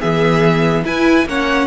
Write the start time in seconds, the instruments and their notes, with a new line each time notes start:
0.00 cello E3, viola B3, violin G#4 E5
0.84 viola E4, cello E4, violin B4 G#5
1.25 cello A#3, viola C#4, violin C#5 F#5